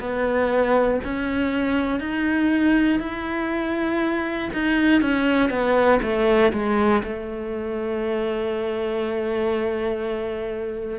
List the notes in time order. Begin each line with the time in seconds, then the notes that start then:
0.00 B3
1.04 C#4
2.00 D#4
3.00 E4
4.53 D#4
5.01 C#4
5.50 B3
6.02 A3
6.53 G#3
7.04 A3